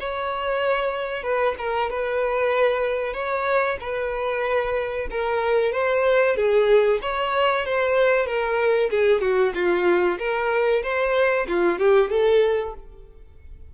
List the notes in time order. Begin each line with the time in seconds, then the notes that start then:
0.00 C#5
1.24 B4
1.58 A#4
1.90 B4
3.14 C#5
3.80 B4
5.11 A#4
5.72 C5
6.36 G#4
7.02 C#5
7.66 C5
8.26 A#4
8.90 G#4
9.21 F#4
9.55 F4
10.19 A#4
10.83 C5
11.48 F4
11.79 G4
12.11 A4